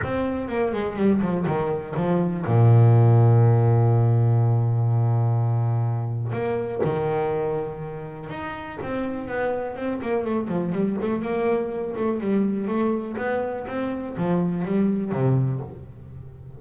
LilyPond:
\new Staff \with { instrumentName = "double bass" } { \time 4/4 \tempo 4 = 123 c'4 ais8 gis8 g8 f8 dis4 | f4 ais,2.~ | ais,1~ | ais,4 ais4 dis2~ |
dis4 dis'4 c'4 b4 | c'8 ais8 a8 f8 g8 a8 ais4~ | ais8 a8 g4 a4 b4 | c'4 f4 g4 c4 | }